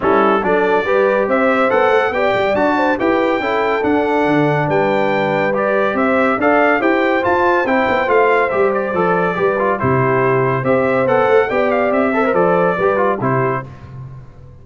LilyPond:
<<
  \new Staff \with { instrumentName = "trumpet" } { \time 4/4 \tempo 4 = 141 a'4 d''2 e''4 | fis''4 g''4 a''4 g''4~ | g''4 fis''2 g''4~ | g''4 d''4 e''4 f''4 |
g''4 a''4 g''4 f''4 | e''8 d''2~ d''8 c''4~ | c''4 e''4 fis''4 g''8 f''8 | e''4 d''2 c''4 | }
  \new Staff \with { instrumentName = "horn" } { \time 4/4 e'4 a'4 b'4 c''4~ | c''4 d''4. c''8 b'4 | a'2. b'4~ | b'2 c''4 d''4 |
c''1~ | c''2 b'4 g'4~ | g'4 c''2 d''4~ | d''8 c''4. b'4 g'4 | }
  \new Staff \with { instrumentName = "trombone" } { \time 4/4 cis'4 d'4 g'2 | a'4 g'4 fis'4 g'4 | e'4 d'2.~ | d'4 g'2 a'4 |
g'4 f'4 e'4 f'4 | g'4 a'4 g'8 f'8 e'4~ | e'4 g'4 a'4 g'4~ | g'8 a'16 ais'16 a'4 g'8 f'8 e'4 | }
  \new Staff \with { instrumentName = "tuba" } { \time 4/4 g4 fis4 g4 c'4 | b8 a8 b8 g8 d'4 e'4 | cis'4 d'4 d4 g4~ | g2 c'4 d'4 |
e'4 f'4 c'8 b8 a4 | g4 f4 g4 c4~ | c4 c'4 b8 a8 b4 | c'4 f4 g4 c4 | }
>>